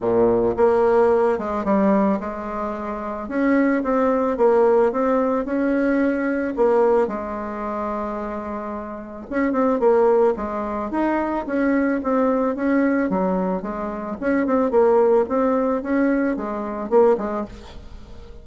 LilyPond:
\new Staff \with { instrumentName = "bassoon" } { \time 4/4 \tempo 4 = 110 ais,4 ais4. gis8 g4 | gis2 cis'4 c'4 | ais4 c'4 cis'2 | ais4 gis2.~ |
gis4 cis'8 c'8 ais4 gis4 | dis'4 cis'4 c'4 cis'4 | fis4 gis4 cis'8 c'8 ais4 | c'4 cis'4 gis4 ais8 gis8 | }